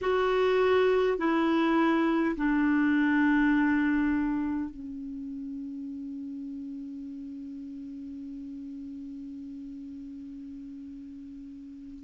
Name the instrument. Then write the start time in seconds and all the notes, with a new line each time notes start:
clarinet
0.01 F#4
1.18 E4
2.36 D4
4.70 C#4